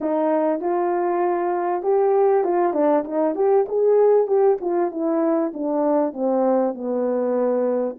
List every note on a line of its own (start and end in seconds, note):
0.00 0.60 D#4
0.60 1.82 F4
1.82 2.44 G4
2.44 2.73 F4
2.73 3.04 D4
3.04 3.35 D#4
3.35 3.66 G4
3.68 4.27 G#4
4.27 4.58 G4
4.61 4.91 F4
4.91 5.52 E4
5.53 6.13 D4
6.13 6.74 C4
6.74 7.96 B3